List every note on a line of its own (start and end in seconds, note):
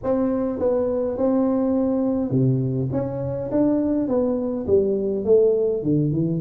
0.03 0.59 C4
0.59 1.17 B3
1.17 2.30 C4
2.30 2.88 C3
2.92 3.50 C#4
3.51 4.08 D4
4.08 4.66 B3
4.66 5.25 G3
5.25 5.83 A3
5.83 6.12 D3
6.12 6.41 E3